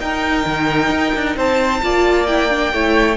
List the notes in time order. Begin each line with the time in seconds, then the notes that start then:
0.00 D#4 A#4 G5
0.46 D#3
0.90 D#4
1.15 D4
1.36 C4 C5 A5
1.82 A#3 F4 D5
2.27 E4 G5
2.50 D4
2.73 A3 E4 C#5